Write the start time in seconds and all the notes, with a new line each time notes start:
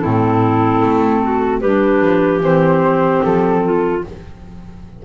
0.00 A2 C4 E4 A4
0.82 A3
1.23 F#4
1.60 G3 D4 G4 B4
2.01 F3
2.40 E3 C4 C5
3.24 F3 A4
3.65 F4